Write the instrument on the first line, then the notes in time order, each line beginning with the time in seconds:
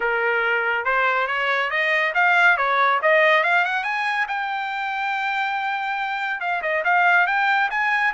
trumpet
0.00 A#4
0.84 C5
1.27 C#5
1.70 D#5
2.14 F5
2.57 C#5
3.02 D#5
3.43 F5
3.64 F#5
3.83 G#5
4.28 G5
6.40 F5
6.62 D#5
6.84 F5
7.26 G5
7.70 G#5